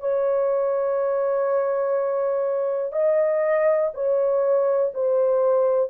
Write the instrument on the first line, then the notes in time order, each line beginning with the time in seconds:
horn
0.00 C#5
2.92 D#5
3.93 C#5
4.94 C5